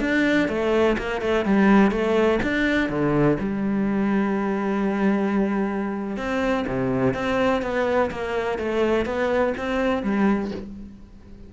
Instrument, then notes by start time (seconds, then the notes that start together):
cello
0.00 D4
0.48 A3
0.98 A#3
1.21 A3
1.45 G3
1.91 A3
2.43 D4
2.89 D3
3.39 G3
6.17 C4
6.68 C3
7.14 C4
7.62 B3
8.11 A#3
8.58 A3
9.05 B3
9.57 C4
10.03 G3